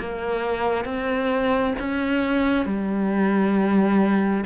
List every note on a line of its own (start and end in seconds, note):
0.00 0.85 A#3
0.85 1.74 C4
1.80 2.65 C#4
2.65 4.45 G3